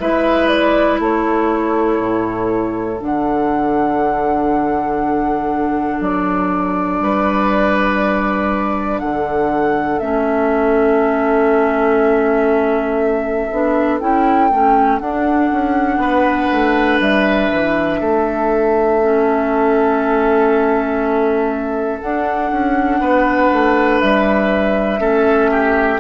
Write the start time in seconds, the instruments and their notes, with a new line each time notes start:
0.00 bassoon G#3, clarinet E4, oboe B4, flute E5
0.49 flute D5
1.00 bassoon A3, oboe A4, flute C#5
2.00 bassoon A2
2.99 bassoon D3, clarinet D4, flute F#5
6.00 bassoon F#3, flute D5
7.00 bassoon G3, oboe B4
9.00 bassoon D3, oboe A4, flute F#5
9.99 bassoon A3, clarinet C#4, flute E5
13.51 bassoon B3, clarinet D4
14.00 bassoon C#4, clarinet E4, flute G5
14.51 bassoon A3, clarinet C#4
15.00 bassoon D4, clarinet D4, flute F#5
15.53 bassoon C#4
15.97 bassoon B3, oboe B4
16.52 bassoon A3
17.00 bassoon G3, flute E5
17.52 bassoon E3
18.01 bassoon A3, oboe A4
19.02 clarinet C#4
22.00 clarinet D4, bassoon D4, flute F#5
22.51 bassoon C#4
23.00 bassoon B3, oboe B4
23.52 bassoon A3
24.00 bassoon G3, flute E5
24.99 bassoon A3, clarinet C#4, oboe A4
25.51 oboe G4